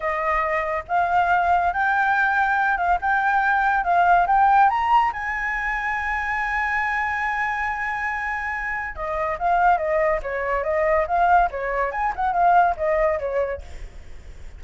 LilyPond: \new Staff \with { instrumentName = "flute" } { \time 4/4 \tempo 4 = 141 dis''2 f''2 | g''2~ g''8 f''8 g''4~ | g''4 f''4 g''4 ais''4 | gis''1~ |
gis''1~ | gis''4 dis''4 f''4 dis''4 | cis''4 dis''4 f''4 cis''4 | gis''8 fis''8 f''4 dis''4 cis''4 | }